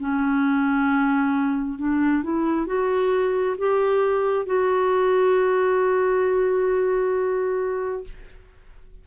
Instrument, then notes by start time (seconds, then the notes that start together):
clarinet
0.00 C#4
1.79 D4
2.23 E4
2.67 F#4
3.58 G4
4.46 F#4